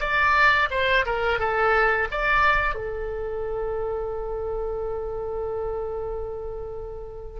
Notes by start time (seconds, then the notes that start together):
0.00 D5
0.71 C5
1.06 A#4
1.39 A4
2.11 D5
2.75 A4